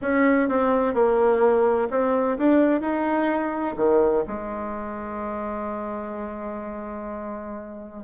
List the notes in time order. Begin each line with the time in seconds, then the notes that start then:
0.01 C#4
0.49 C4
0.94 A#3
1.90 C4
2.38 D4
2.80 D#4
3.76 D#3
4.27 G#3